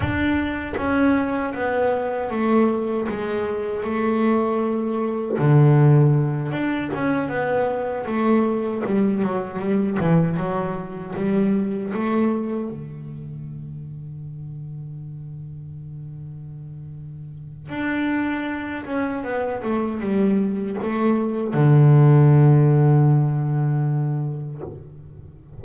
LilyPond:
\new Staff \with { instrumentName = "double bass" } { \time 4/4 \tempo 4 = 78 d'4 cis'4 b4 a4 | gis4 a2 d4~ | d8 d'8 cis'8 b4 a4 g8 | fis8 g8 e8 fis4 g4 a8~ |
a8 d2.~ d8~ | d2. d'4~ | d'8 cis'8 b8 a8 g4 a4 | d1 | }